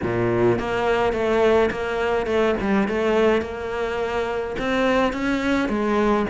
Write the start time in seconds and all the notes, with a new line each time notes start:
0.03 A#2
0.58 A#3
1.12 A3
1.70 A#3
2.26 A3
2.61 G3
2.88 A3
3.41 A#3
4.59 C4
5.12 C#4
5.68 G#3